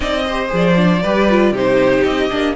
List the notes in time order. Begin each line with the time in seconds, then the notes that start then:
0.00 C4 D#4 D5 D#5
0.26 G4 C5
0.48 F3 G#4
0.55 D5
0.76 D4
1.02 G3 G4 B4
1.29 F4
1.51 C3 D#4 G4 C5
2.03 C4 D#5
2.29 A#3 D4